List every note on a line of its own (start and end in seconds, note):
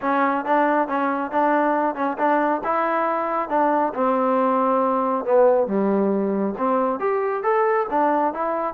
0.01 0.45 C#4
0.45 0.88 D4
0.88 1.31 C#4
1.31 1.95 D4
1.95 2.17 C#4
2.17 2.61 D4
2.64 3.49 E4
3.49 3.93 D4
3.94 5.24 C4
5.24 5.67 B3
5.67 6.54 G3
6.58 6.99 C4
6.99 7.43 G4
7.43 7.87 A4
7.90 8.33 D4
8.33 8.74 E4